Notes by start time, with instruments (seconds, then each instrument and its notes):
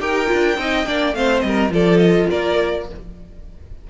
0.00 cello D#4, viola G4, violin A#4 G5
0.26 viola F4
0.33 cello D4
0.58 cello C4, viola D#4, violin D#5
0.85 cello A#3, viola D4, violin D5
1.14 cello A3, viola C4, violin C5 F5
1.40 cello G3, violin D#5
1.47 violin A#4
1.70 cello F3, viola F4, violin A4 D5
1.99 violin D#5
2.30 cello A#3, violin A#4 D5